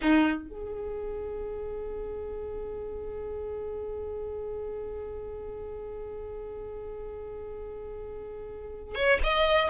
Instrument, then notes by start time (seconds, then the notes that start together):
violin
0.01 D#4
0.49 G#4
8.95 C#5
9.23 D#5